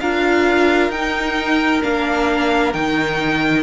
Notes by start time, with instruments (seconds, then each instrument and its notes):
0.00 cello D4, viola F4, violin A#4 F5
0.89 cello D#4, viola D#4, violin G5
1.82 cello A#3, viola D4, violin F5
2.73 cello D#3, viola D#4, violin G5